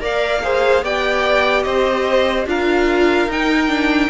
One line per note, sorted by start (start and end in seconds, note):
0.00 0.82 A#3
0.00 0.41 A#4
0.00 0.42 D5
0.00 0.84 F5
0.43 0.84 G#4
0.43 0.84 C5
0.83 1.65 B3
0.83 2.46 G4
0.83 1.65 D5
0.83 1.63 G5
1.63 2.46 C4
1.63 2.47 C5
1.63 2.45 D#5
2.46 3.27 D4
2.46 3.29 F4
2.46 4.10 A#4
2.46 3.31 F5
3.27 4.09 D#4
3.27 3.68 D#4
3.27 4.10 G5
3.68 4.09 D4